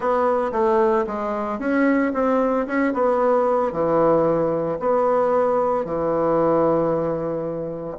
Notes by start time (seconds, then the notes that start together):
0.00 B3
0.52 A3
1.06 G#3
1.59 C#4
2.13 C4
2.66 C#4
2.93 B3
3.72 E3
4.79 B3
5.85 E3